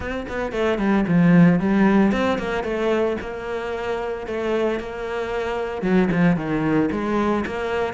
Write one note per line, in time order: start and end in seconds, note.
0.00 0.26 C4
0.28 0.52 B3
0.52 0.78 A3
0.78 1.05 G3
1.07 1.59 F3
1.59 2.12 G3
2.12 2.38 C4
2.38 2.63 A#3
2.63 3.16 A3
3.20 4.26 A#3
4.26 4.79 A3
4.79 5.81 A#3
5.81 6.08 F#3
6.11 6.36 F3
6.36 6.89 D#3
6.91 7.45 G#3
7.46 7.93 A#3